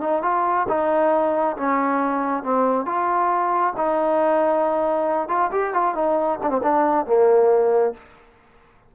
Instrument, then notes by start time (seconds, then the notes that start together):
trombone
0.00 D#4
0.22 F4
0.68 D#4
1.57 C#4
2.43 C4
2.85 F4
3.76 D#4
5.28 F4
5.51 G4
5.73 F4
5.95 D#4
6.43 D4
6.49 C4
6.63 D4
7.06 A#3